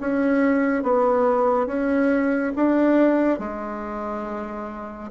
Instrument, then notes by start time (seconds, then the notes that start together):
bassoon
0.00 C#4
0.83 B3
1.67 C#4
2.56 D4
3.39 G#3